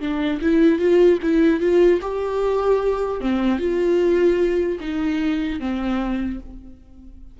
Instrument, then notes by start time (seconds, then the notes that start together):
viola
0.00 D4
0.41 E4
0.79 F4
1.22 E4
1.60 F4
2.01 G4
3.20 C4
3.59 F4
4.80 D#4
5.60 C4